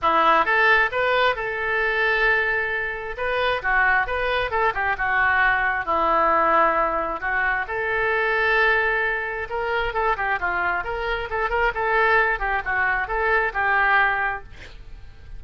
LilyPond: \new Staff \with { instrumentName = "oboe" } { \time 4/4 \tempo 4 = 133 e'4 a'4 b'4 a'4~ | a'2. b'4 | fis'4 b'4 a'8 g'8 fis'4~ | fis'4 e'2. |
fis'4 a'2.~ | a'4 ais'4 a'8 g'8 f'4 | ais'4 a'8 ais'8 a'4. g'8 | fis'4 a'4 g'2 | }